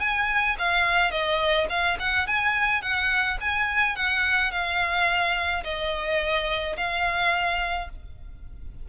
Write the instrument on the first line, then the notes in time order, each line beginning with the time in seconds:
violin
0.00 G#5
0.59 F5
1.11 D#5
1.69 F5
1.99 F#5
2.27 G#5
2.82 F#5
3.41 G#5
3.96 F#5
4.51 F5
5.64 D#5
6.77 F5